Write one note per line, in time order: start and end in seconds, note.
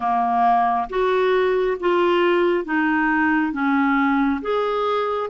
0.00 0.88 A#3
0.89 1.77 F#4
1.79 2.65 F4
2.65 3.52 D#4
3.52 4.40 C#4
4.41 5.29 G#4